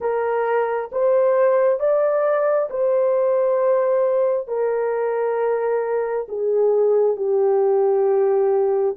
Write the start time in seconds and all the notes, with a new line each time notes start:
0.00 A#4
0.92 C5
1.79 D5
2.70 C5
4.47 A#4
6.28 G#4
7.16 G4